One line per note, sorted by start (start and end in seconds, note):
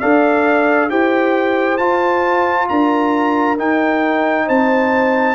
0.00 0.90 D4
0.00 0.90 A4
0.00 0.90 D5
0.00 0.90 F5
0.90 1.79 E4
0.90 1.79 G4
0.90 2.69 C5
0.90 1.78 G5
1.78 3.58 F4
1.78 2.69 F4
1.78 2.67 A5
2.69 3.58 D4
2.69 4.46 A#4
2.69 3.58 A#5
3.58 5.35 D#4
3.58 4.48 D#4
3.58 4.49 G5
4.46 5.35 C4
4.46 5.35 C5
4.46 5.35 A5